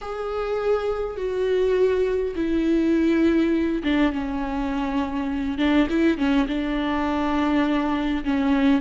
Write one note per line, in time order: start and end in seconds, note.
0.01 1.16 G#4
1.16 2.34 F#4
2.35 3.82 E4
3.83 4.12 D4
4.12 5.57 C#4
5.57 5.87 D4
5.89 6.17 E4
6.17 6.47 C#4
6.47 8.24 D4
8.24 8.81 C#4